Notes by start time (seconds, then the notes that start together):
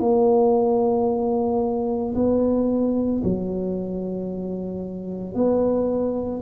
0.00 A#3
2.15 B3
3.24 F#3
5.34 B3